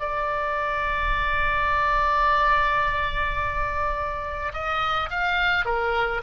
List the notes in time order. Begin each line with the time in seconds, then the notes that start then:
0.00 D5
4.54 D#5
5.10 F5
5.66 A#4